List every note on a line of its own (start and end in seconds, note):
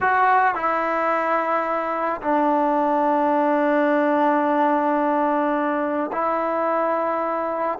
0.01 0.54 F#4
0.54 2.21 E4
2.21 6.10 D4
6.12 7.79 E4